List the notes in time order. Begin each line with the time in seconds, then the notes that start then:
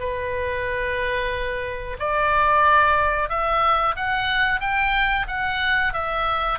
0.00 B4
2.00 D5
3.30 E5
3.97 F#5
4.61 G5
5.28 F#5
5.94 E5